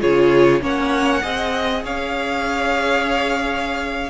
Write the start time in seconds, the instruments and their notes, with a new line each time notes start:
0.00 cello C#3, viola F4, violin G#4 C#5
0.60 cello A#3, viola C#4, violin C#5 F#5
1.22 cello C4, viola G#4, violin D#5
1.83 cello C#4, violin C#5 F5